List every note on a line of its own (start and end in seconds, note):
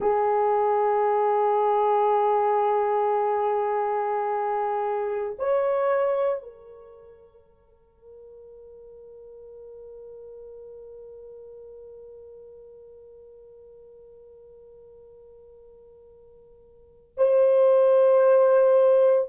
0.00 5.36 G#4
5.39 6.42 C#5
6.42 17.13 A#4
17.17 19.29 C5